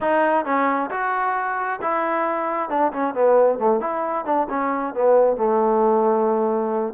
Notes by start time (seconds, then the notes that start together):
0.00 D#4
0.45 C#4
0.90 F#4
1.81 E4
2.69 D4
2.92 C#4
3.14 B3
3.58 A3
3.80 E4
4.25 D4
4.49 C#4
4.94 B3
5.36 A3